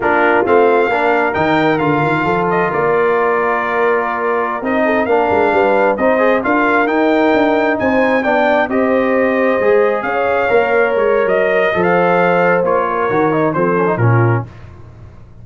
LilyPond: <<
  \new Staff \with { instrumentName = "trumpet" } { \time 4/4 \tempo 4 = 133 ais'4 f''2 g''4 | f''4. dis''8 d''2~ | d''2~ d''16 dis''4 f''8.~ | f''4~ f''16 dis''4 f''4 g''8.~ |
g''4~ g''16 gis''4 g''4 dis''8.~ | dis''2~ dis''16 f''4.~ f''16~ | f''16 cis''8. dis''4~ dis''16 f''4.~ f''16 | cis''2 c''4 ais'4 | }
  \new Staff \with { instrumentName = "horn" } { \time 4/4 f'2 ais'2~ | ais'4 a'4 ais'2~ | ais'2~ ais'8. a'8 ais'8.~ | ais'16 b'4 c''4 ais'4.~ ais'16~ |
ais'4~ ais'16 c''4 d''4 c''8.~ | c''2~ c''16 cis''4.~ cis''16~ | cis''2 c''2~ | c''8 ais'4. a'4 f'4 | }
  \new Staff \with { instrumentName = "trombone" } { \time 4/4 d'4 c'4 d'4 dis'4 | f'1~ | f'2~ f'16 dis'4 d'8.~ | d'4~ d'16 dis'8 gis'8 f'4 dis'8.~ |
dis'2~ dis'16 d'4 g'8.~ | g'4~ g'16 gis'2 ais'8.~ | ais'2 a'2 | f'4 fis'8 dis'8 c'8 cis'16 dis'16 cis'4 | }
  \new Staff \with { instrumentName = "tuba" } { \time 4/4 ais4 a4 ais4 dis4 | d8 dis8 f4 ais2~ | ais2~ ais16 c'4 ais8 gis16~ | gis16 g4 c'4 d'4 dis'8.~ |
dis'16 d'4 c'4 b4 c'8.~ | c'4~ c'16 gis4 cis'4 ais8.~ | ais16 gis8. fis4 f2 | ais4 dis4 f4 ais,4 | }
>>